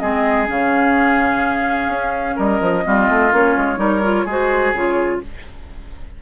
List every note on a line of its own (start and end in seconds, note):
0.00 0.50 G#3
0.00 0.47 C4
0.00 2.36 G#4
0.00 0.47 D#5
0.47 1.88 C#3
0.47 2.83 C#4
0.47 2.39 F5
1.88 2.35 C#4
2.36 2.61 G3
2.36 2.84 A#4
2.36 3.34 D#5
2.61 2.85 F3
2.84 3.09 G3
2.84 3.31 C4
2.84 3.79 F4
3.09 3.32 A3
3.32 3.56 A#3
3.32 3.77 C#4
3.32 4.30 C#5
3.57 3.78 G#3
3.77 4.25 G3
3.77 4.01 D#4
3.77 4.26 A#4
4.04 4.27 F4
4.26 4.73 G#3
4.26 4.75 F#4
4.26 5.20 G#4
4.26 4.74 C5
4.74 5.21 C#3
4.74 5.23 F4
4.74 5.21 C#5